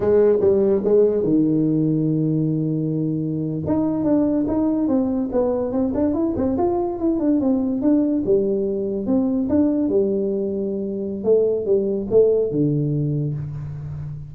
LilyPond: \new Staff \with { instrumentName = "tuba" } { \time 4/4 \tempo 4 = 144 gis4 g4 gis4 dis4~ | dis1~ | dis8. dis'4 d'4 dis'4 c'16~ | c'8. b4 c'8 d'8 e'8 c'8 f'16~ |
f'8. e'8 d'8 c'4 d'4 g16~ | g4.~ g16 c'4 d'4 g16~ | g2. a4 | g4 a4 d2 | }